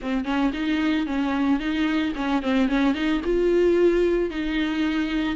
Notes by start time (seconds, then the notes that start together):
0.01 C4
0.24 C#4
0.53 D#4
1.06 C#4
1.59 D#4
2.15 C#4
2.42 C4
2.68 C#4
2.94 D#4
3.24 F4
4.30 D#4